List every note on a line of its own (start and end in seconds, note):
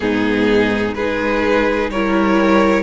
0.00 0.94 G#2
0.00 0.95 B3
0.00 0.95 D#4
0.00 0.94 G#4
0.94 1.89 G#3
0.94 1.94 D#4
0.94 1.90 G#4
0.94 1.89 B4
1.89 2.83 G3
1.89 2.83 E4
1.89 2.83 A#4
1.89 2.83 C#5